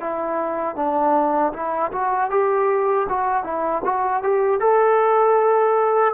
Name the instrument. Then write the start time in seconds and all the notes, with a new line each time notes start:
trombone
0.00 E4
0.75 D4
1.53 E4
1.92 F#4
2.30 G4
3.08 F#4
3.43 E4
3.84 F#4
4.23 G4
4.60 A4